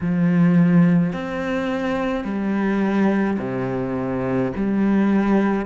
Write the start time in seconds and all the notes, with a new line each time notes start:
0.01 F3
1.12 C4
2.24 G3
3.39 C3
4.55 G3